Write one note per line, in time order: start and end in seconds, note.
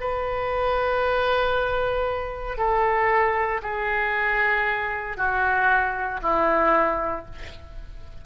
0.00 2.58 B4
2.58 3.61 A4
3.62 5.17 G#4
5.17 6.20 F#4
6.22 7.26 E4